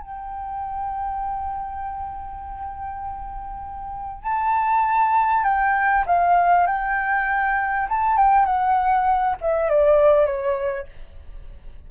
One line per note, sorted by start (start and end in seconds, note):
0.00 4.23 G5
4.23 5.44 A5
5.44 6.04 G5
6.06 6.67 F5
6.67 7.88 G5
7.89 8.17 A5
8.17 8.45 G5
8.45 9.36 F#5
9.41 9.69 E5
9.69 10.26 D5
10.26 10.87 C#5